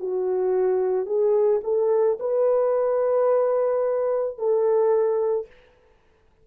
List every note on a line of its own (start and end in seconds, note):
0.00 1.06 F#4
1.06 1.61 G#4
1.64 2.18 A4
2.20 4.38 B4
4.38 5.47 A4